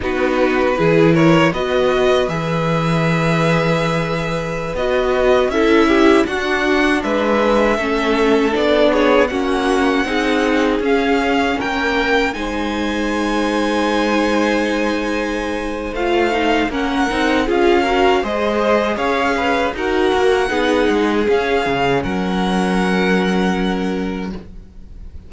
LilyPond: <<
  \new Staff \with { instrumentName = "violin" } { \time 4/4 \tempo 4 = 79 b'4. cis''8 dis''4 e''4~ | e''2~ e''16 dis''4 e''8.~ | e''16 fis''4 e''2 d''8 cis''16~ | cis''16 fis''2 f''4 g''8.~ |
g''16 gis''2.~ gis''8.~ | gis''4 f''4 fis''4 f''4 | dis''4 f''4 fis''2 | f''4 fis''2. | }
  \new Staff \with { instrumentName = "violin" } { \time 4/4 fis'4 gis'8 ais'8 b'2~ | b'2.~ b'16 a'8 g'16~ | g'16 fis'4 b'4 a'4. gis'16~ | gis'16 fis'4 gis'2 ais'8.~ |
ais'16 c''2.~ c''8.~ | c''2 ais'4 gis'8 ais'8 | c''4 cis''8 b'8 ais'4 gis'4~ | gis'4 ais'2. | }
  \new Staff \with { instrumentName = "viola" } { \time 4/4 dis'4 e'4 fis'4 gis'4~ | gis'2~ gis'16 fis'4 e'8.~ | e'16 d'2 cis'4 d'8.~ | d'16 cis'4 dis'4 cis'4.~ cis'16~ |
cis'16 dis'2.~ dis'8.~ | dis'4 f'8 dis'8 cis'8 dis'8 f'8 fis'8 | gis'2 fis'4 dis'4 | cis'1 | }
  \new Staff \with { instrumentName = "cello" } { \time 4/4 b4 e4 b4 e4~ | e2~ e16 b4 cis'8.~ | cis'16 d'4 gis4 a4 b8.~ | b16 ais4 c'4 cis'4 ais8.~ |
ais16 gis2.~ gis8.~ | gis4 a4 ais8 c'8 cis'4 | gis4 cis'4 dis'8 ais8 b8 gis8 | cis'8 cis8 fis2. | }
>>